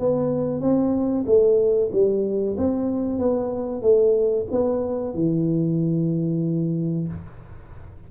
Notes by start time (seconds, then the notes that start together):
0.00 B3
0.61 C4
1.26 A3
1.92 G3
2.57 C4
3.19 B3
3.82 A3
4.51 B3
5.14 E3